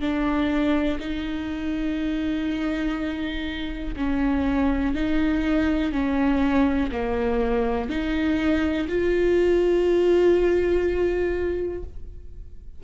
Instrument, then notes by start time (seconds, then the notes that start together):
viola
0.00 D4
1.00 D#4
3.96 C#4
4.94 D#4
5.92 C#4
6.91 A#3
7.90 D#4
8.88 F4